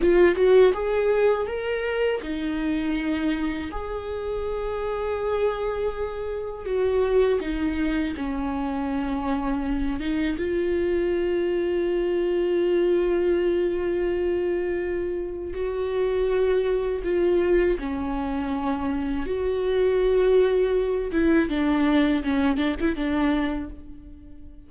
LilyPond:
\new Staff \with { instrumentName = "viola" } { \time 4/4 \tempo 4 = 81 f'8 fis'8 gis'4 ais'4 dis'4~ | dis'4 gis'2.~ | gis'4 fis'4 dis'4 cis'4~ | cis'4. dis'8 f'2~ |
f'1~ | f'4 fis'2 f'4 | cis'2 fis'2~ | fis'8 e'8 d'4 cis'8 d'16 e'16 d'4 | }